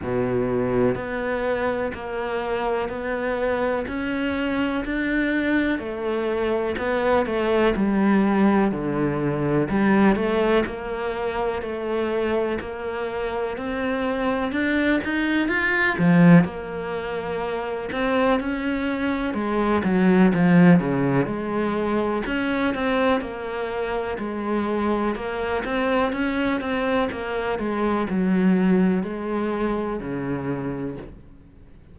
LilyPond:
\new Staff \with { instrumentName = "cello" } { \time 4/4 \tempo 4 = 62 b,4 b4 ais4 b4 | cis'4 d'4 a4 b8 a8 | g4 d4 g8 a8 ais4 | a4 ais4 c'4 d'8 dis'8 |
f'8 f8 ais4. c'8 cis'4 | gis8 fis8 f8 cis8 gis4 cis'8 c'8 | ais4 gis4 ais8 c'8 cis'8 c'8 | ais8 gis8 fis4 gis4 cis4 | }